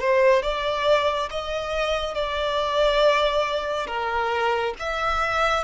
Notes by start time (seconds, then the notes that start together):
0.00 C5
0.43 D5
1.31 D#5
2.15 D5
3.87 A#4
4.79 E5